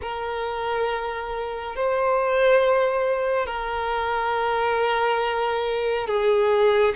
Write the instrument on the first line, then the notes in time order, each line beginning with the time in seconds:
violin
0.01 A#4
1.75 C5
3.46 A#4
6.07 G#4